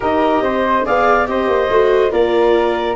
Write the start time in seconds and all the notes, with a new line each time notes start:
0.00 D#4 G4 A#4 D#5
0.41 C4 C5
0.84 B3 G#4 D5 F5
1.26 C4 G4 C5 D#5
1.47 A#3
1.69 A3 F#4
2.09 A#3 F4 A#4 D5